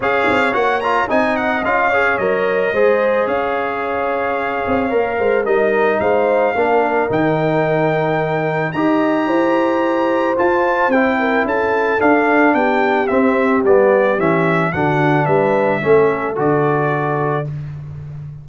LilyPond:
<<
  \new Staff \with { instrumentName = "trumpet" } { \time 4/4 \tempo 4 = 110 f''4 fis''8 ais''8 gis''8 fis''8 f''4 | dis''2 f''2~ | f''2 dis''4 f''4~ | f''4 g''2. |
ais''2. a''4 | g''4 a''4 f''4 g''4 | e''4 d''4 e''4 fis''4 | e''2 d''2 | }
  \new Staff \with { instrumentName = "horn" } { \time 4/4 cis''2 dis''4. cis''8~ | cis''4 c''4 cis''2~ | cis''4. c''8 ais'4 c''4 | ais'1 |
dis''4 c''2.~ | c''8 ais'8 a'2 g'4~ | g'2. fis'4 | b'4 a'2. | }
  \new Staff \with { instrumentName = "trombone" } { \time 4/4 gis'4 fis'8 f'8 dis'4 f'8 gis'8 | ais'4 gis'2.~ | gis'4 ais'4 dis'2 | d'4 dis'2. |
g'2. f'4 | e'2 d'2 | c'4 b4 cis'4 d'4~ | d'4 cis'4 fis'2 | }
  \new Staff \with { instrumentName = "tuba" } { \time 4/4 cis'8 c'8 ais4 c'4 cis'4 | fis4 gis4 cis'2~ | cis'8 c'8 ais8 gis8 g4 gis4 | ais4 dis2. |
dis'4 e'2 f'4 | c'4 cis'4 d'4 b4 | c'4 g4 e4 d4 | g4 a4 d2 | }
>>